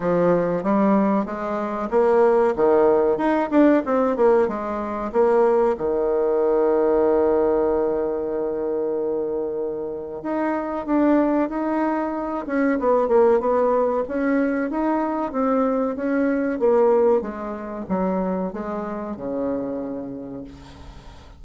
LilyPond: \new Staff \with { instrumentName = "bassoon" } { \time 4/4 \tempo 4 = 94 f4 g4 gis4 ais4 | dis4 dis'8 d'8 c'8 ais8 gis4 | ais4 dis2.~ | dis1 |
dis'4 d'4 dis'4. cis'8 | b8 ais8 b4 cis'4 dis'4 | c'4 cis'4 ais4 gis4 | fis4 gis4 cis2 | }